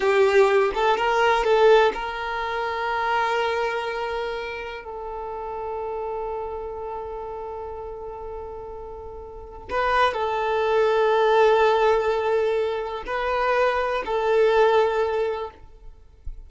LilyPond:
\new Staff \with { instrumentName = "violin" } { \time 4/4 \tempo 4 = 124 g'4. a'8 ais'4 a'4 | ais'1~ | ais'2 a'2~ | a'1~ |
a'1 | b'4 a'2.~ | a'2. b'4~ | b'4 a'2. | }